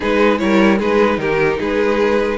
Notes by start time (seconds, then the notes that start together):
0.00 G#3 D#4 G#4 B4
0.38 G3 E4 A#4 C#5
0.78 G#3 D#4 G#4 B4
1.17 D#3 G4 A#4
1.58 G#3 G#4 B4